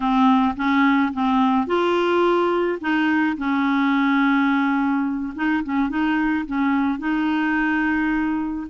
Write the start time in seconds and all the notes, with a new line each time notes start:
0.00 C4
0.56 C#4
1.13 C4
1.66 F4
2.80 D#4
3.37 C#4
5.35 D#4
5.63 C#4
5.89 D#4
6.46 C#4
6.98 D#4